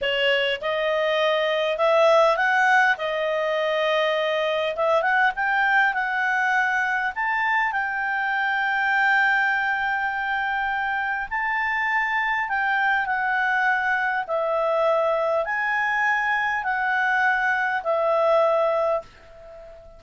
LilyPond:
\new Staff \with { instrumentName = "clarinet" } { \time 4/4 \tempo 4 = 101 cis''4 dis''2 e''4 | fis''4 dis''2. | e''8 fis''8 g''4 fis''2 | a''4 g''2.~ |
g''2. a''4~ | a''4 g''4 fis''2 | e''2 gis''2 | fis''2 e''2 | }